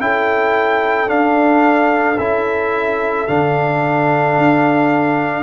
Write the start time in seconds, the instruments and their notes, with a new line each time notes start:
0.00 tuba C#4, trombone E4, horn A4, trumpet G5
1.07 trombone D4, tuba D4, trumpet F5
2.18 tuba C#4, trombone E4, trumpet E5
3.27 tuba D3, trombone D4, trumpet F5
4.37 tuba D4